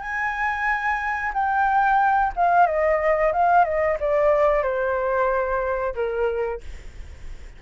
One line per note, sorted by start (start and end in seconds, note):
0.00 1.32 G#5
1.33 2.32 G5
2.36 2.66 F5
2.66 3.32 D#5
3.33 3.64 F5
3.64 3.97 D#5
4.00 4.62 D5
4.62 5.94 C5
5.95 6.61 A#4